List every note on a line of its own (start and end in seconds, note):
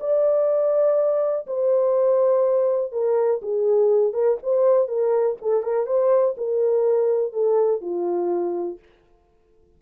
0.00 1.46 D5
1.47 2.92 C5
2.92 3.41 A#4
3.42 4.13 G#4
4.13 4.38 A#4
4.43 4.88 C5
4.88 5.37 A#4
5.41 5.63 A4
5.63 5.86 A#4
5.86 6.35 C5
6.37 7.33 A#4
7.33 7.81 A4
7.81 8.79 F4